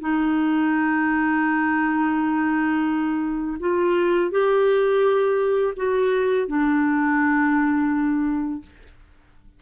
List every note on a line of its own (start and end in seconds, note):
0.00 3.57 D#4
3.59 4.31 F4
4.31 5.73 G4
5.76 6.47 F#4
6.47 8.61 D4